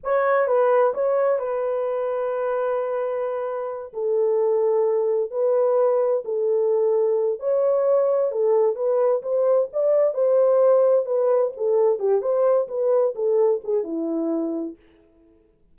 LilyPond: \new Staff \with { instrumentName = "horn" } { \time 4/4 \tempo 4 = 130 cis''4 b'4 cis''4 b'4~ | b'1~ | b'8 a'2. b'8~ | b'4. a'2~ a'8 |
cis''2 a'4 b'4 | c''4 d''4 c''2 | b'4 a'4 g'8 c''4 b'8~ | b'8 a'4 gis'8 e'2 | }